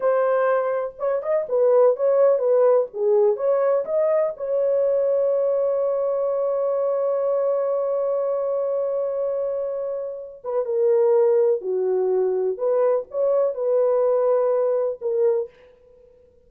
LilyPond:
\new Staff \with { instrumentName = "horn" } { \time 4/4 \tempo 4 = 124 c''2 cis''8 dis''8 b'4 | cis''4 b'4 gis'4 cis''4 | dis''4 cis''2.~ | cis''1~ |
cis''1~ | cis''4. b'8 ais'2 | fis'2 b'4 cis''4 | b'2. ais'4 | }